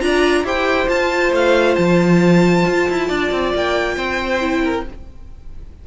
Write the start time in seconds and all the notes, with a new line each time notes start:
0.00 D4 F4 D5 A#5
0.43 E4 G4 C5 G5
0.87 F4 A5
1.32 A3 F5
1.75 F3 A5
2.66 F4
2.89 E4
3.07 D4 D5
3.31 C4
3.54 A#3 G5
3.96 C4 C5
4.40 E4
4.64 A#4